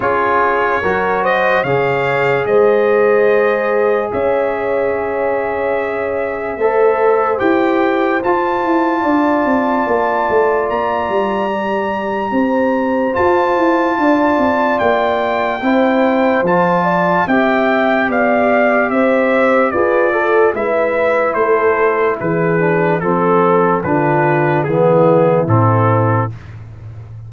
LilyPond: <<
  \new Staff \with { instrumentName = "trumpet" } { \time 4/4 \tempo 4 = 73 cis''4. dis''8 f''4 dis''4~ | dis''4 e''2.~ | e''4 g''4 a''2~ | a''4 ais''2. |
a''2 g''2 | a''4 g''4 f''4 e''4 | d''4 e''4 c''4 b'4 | a'4 b'4 gis'4 a'4 | }
  \new Staff \with { instrumentName = "horn" } { \time 4/4 gis'4 ais'8 c''8 cis''4 c''4~ | c''4 cis''2. | c''2. d''4~ | d''2. c''4~ |
c''4 d''2 c''4~ | c''8 d''8 e''4 d''4 c''4 | b'8 a'8 b'4 a'4 gis'4 | a'4 f'4 e'2 | }
  \new Staff \with { instrumentName = "trombone" } { \time 4/4 f'4 fis'4 gis'2~ | gis'1 | a'4 g'4 f'2~ | f'2 g'2 |
f'2. e'4 | f'4 g'2. | gis'8 a'8 e'2~ e'8 d'8 | c'4 d'4 b4 c'4 | }
  \new Staff \with { instrumentName = "tuba" } { \time 4/4 cis'4 fis4 cis4 gis4~ | gis4 cis'2. | a4 e'4 f'8 e'8 d'8 c'8 | ais8 a8 ais8 g4. c'4 |
f'8 e'8 d'8 c'8 ais4 c'4 | f4 c'4 b4 c'4 | f'4 gis4 a4 e4 | f4 d4 e4 a,4 | }
>>